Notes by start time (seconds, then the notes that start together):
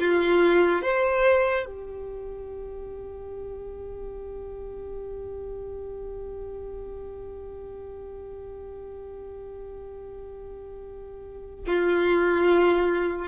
0.00 F4
0.83 C5
1.66 G4
11.67 F4